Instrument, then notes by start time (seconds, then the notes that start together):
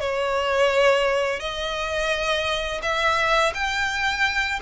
violin
0.00 C#5
1.40 D#5
2.82 E5
3.54 G5